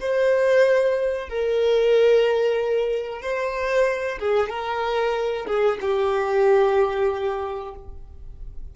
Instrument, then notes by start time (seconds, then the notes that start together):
violin
0.00 C5
1.29 A#4
3.22 C5
4.19 G#4
4.49 A#4
5.47 G#4
5.81 G4